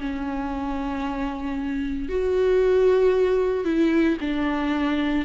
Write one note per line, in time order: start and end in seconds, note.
0.00 2.09 C#4
2.09 3.65 F#4
3.65 4.17 E4
4.21 5.25 D4